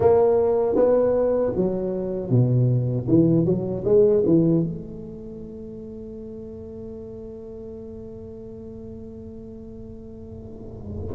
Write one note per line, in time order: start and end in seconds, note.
0.00 0.75 A#3
0.75 1.52 B3
1.56 2.30 F#3
2.30 3.07 B2
3.08 3.45 E3
3.45 3.83 F#3
3.84 4.23 G#3
4.25 4.63 E3
4.63 11.14 A3